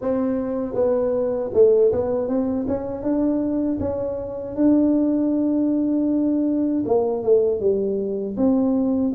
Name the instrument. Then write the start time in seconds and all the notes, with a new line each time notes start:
tuba
0.01 C4
0.74 B3
1.53 A3
1.92 B3
2.28 C4
2.67 C#4
3.02 D4
3.79 C#4
4.55 D4
6.85 A#3
7.23 A3
7.59 G3
8.36 C4